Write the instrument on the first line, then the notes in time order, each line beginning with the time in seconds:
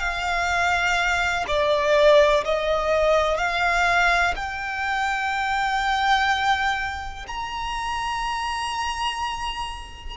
violin
0.00 F5
1.48 D5
2.45 D#5
3.38 F5
4.36 G5
7.28 A#5